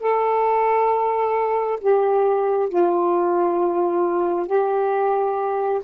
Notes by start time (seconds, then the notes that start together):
0.00 A4
1.80 G4
2.69 F4
4.47 G4